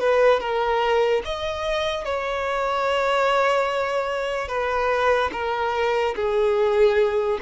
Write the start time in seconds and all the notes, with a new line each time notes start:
0.00 B4
0.40 A#4
1.25 D#5
2.05 C#5
4.49 B4
5.33 A#4
6.16 G#4